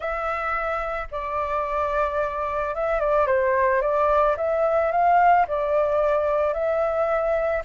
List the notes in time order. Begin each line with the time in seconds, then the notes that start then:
0.00 E5
1.11 D5
2.74 E5
3.00 D5
3.27 C5
3.81 D5
4.36 E5
4.91 F5
5.47 D5
6.53 E5